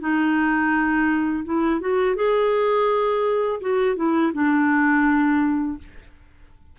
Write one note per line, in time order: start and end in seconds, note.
0.00 1.45 D#4
1.45 1.80 E4
1.80 2.16 F#4
2.16 3.60 G#4
3.61 3.96 F#4
3.96 4.32 E4
4.33 5.78 D4